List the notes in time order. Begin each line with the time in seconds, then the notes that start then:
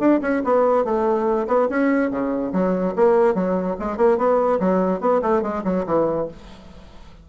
0.00 D4
0.22 C#4
0.44 B3
0.85 A3
1.48 B3
1.70 C#4
2.11 C#3
2.53 F#3
2.96 A#3
3.35 F#3
3.80 G#3
3.97 A#3
4.18 B3
4.60 F#3
5.01 B3
5.22 A3
5.43 G#3
5.65 F#3
5.87 E3